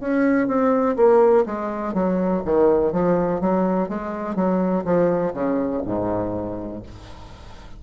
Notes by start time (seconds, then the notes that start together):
0.00 C#4
0.47 C4
0.96 A#3
1.46 G#3
1.94 F#3
2.45 D#3
2.92 F3
3.40 F#3
3.88 G#3
4.35 F#3
4.84 F3
5.33 C#3
5.85 G#2